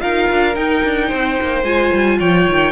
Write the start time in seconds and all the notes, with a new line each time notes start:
0.00 D#4 F4 A#4 F5
0.31 D4
0.55 D#4 G5
0.84 D4
1.08 C4 C5
1.42 A#3
1.64 G#3 F4 G#5
1.93 G3
2.19 F3 C#5 G5
2.48 D#3